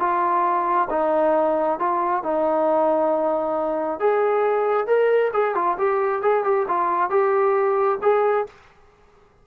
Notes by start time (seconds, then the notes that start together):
0.00 F4
0.91 D#4
1.80 F4
2.24 D#4
4.00 G#4
4.87 A#4
5.34 G#4
5.55 F4
5.79 G4
6.22 G#4
6.44 G4
6.68 F4
7.10 G4
8.03 G#4